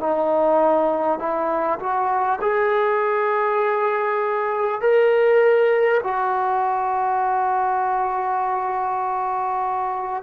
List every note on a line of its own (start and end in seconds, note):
0.00 1.19 D#4
1.19 1.79 E4
1.79 2.39 F#4
2.42 4.81 G#4
4.81 6.01 A#4
6.04 10.23 F#4